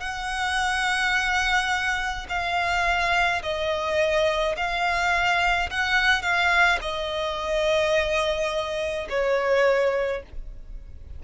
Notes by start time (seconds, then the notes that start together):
0.00 F#5
2.29 F5
3.43 D#5
4.56 F5
5.70 F#5
6.22 F5
6.81 D#5
9.09 C#5